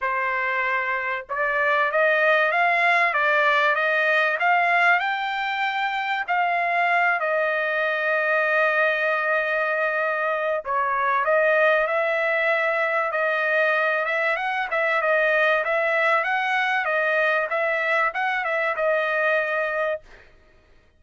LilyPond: \new Staff \with { instrumentName = "trumpet" } { \time 4/4 \tempo 4 = 96 c''2 d''4 dis''4 | f''4 d''4 dis''4 f''4 | g''2 f''4. dis''8~ | dis''1~ |
dis''4 cis''4 dis''4 e''4~ | e''4 dis''4. e''8 fis''8 e''8 | dis''4 e''4 fis''4 dis''4 | e''4 fis''8 e''8 dis''2 | }